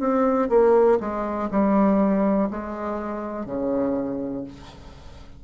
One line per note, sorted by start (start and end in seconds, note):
0.00 0.49 C4
0.50 0.99 A#3
1.00 1.49 G#3
1.51 2.49 G3
2.51 3.46 G#3
3.46 4.44 C#3